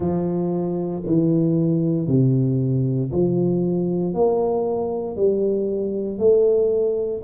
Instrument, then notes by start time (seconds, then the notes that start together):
tuba
0.00 F3
1.06 E3
2.07 C3
3.12 F3
4.14 A#3
5.16 G3
6.18 A3